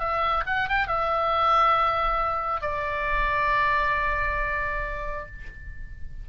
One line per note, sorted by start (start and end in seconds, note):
0.00 0.44 E5
0.47 0.69 F#5
0.69 0.88 G5
0.88 2.62 E5
2.62 5.27 D5